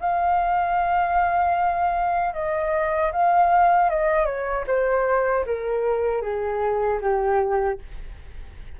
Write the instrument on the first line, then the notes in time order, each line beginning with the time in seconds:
flute
0.00 F5
2.33 D#5
3.12 F5
3.89 D#5
4.25 C#5
4.67 C5
5.45 A#4
6.22 G#4
7.01 G4